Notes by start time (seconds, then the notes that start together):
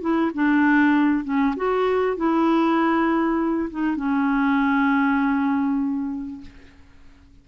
0.00 E4
0.34 D4
1.24 C#4
1.56 F#4
2.16 E4
3.70 D#4
3.96 C#4